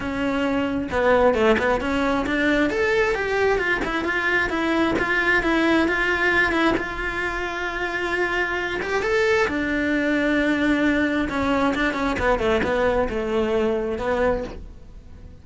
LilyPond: \new Staff \with { instrumentName = "cello" } { \time 4/4 \tempo 4 = 133 cis'2 b4 a8 b8 | cis'4 d'4 a'4 g'4 | f'8 e'8 f'4 e'4 f'4 | e'4 f'4. e'8 f'4~ |
f'2.~ f'8 g'8 | a'4 d'2.~ | d'4 cis'4 d'8 cis'8 b8 a8 | b4 a2 b4 | }